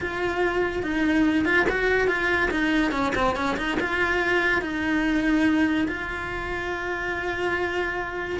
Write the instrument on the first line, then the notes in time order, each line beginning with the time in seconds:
cello
0.00 F4
0.83 D#4
1.45 F4
1.69 F#4
2.07 F4
2.50 D#4
2.91 C#4
3.15 C4
3.35 C#4
3.57 D#4
3.80 F4
4.61 D#4
5.88 F4